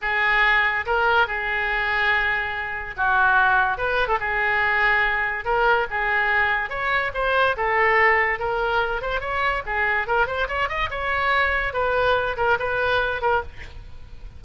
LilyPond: \new Staff \with { instrumentName = "oboe" } { \time 4/4 \tempo 4 = 143 gis'2 ais'4 gis'4~ | gis'2. fis'4~ | fis'4 b'8. a'16 gis'2~ | gis'4 ais'4 gis'2 |
cis''4 c''4 a'2 | ais'4. c''8 cis''4 gis'4 | ais'8 c''8 cis''8 dis''8 cis''2 | b'4. ais'8 b'4. ais'8 | }